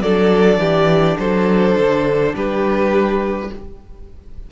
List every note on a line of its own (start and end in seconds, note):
0.00 0.57 F#3
0.00 3.50 D4
0.00 0.60 A4
0.00 1.17 D5
0.57 1.15 E3
0.57 1.18 G4
1.19 1.76 F#3
1.19 2.35 A4
1.19 2.34 C5
1.78 2.34 D3
2.34 3.49 G3
2.34 3.51 G4
2.34 3.51 B4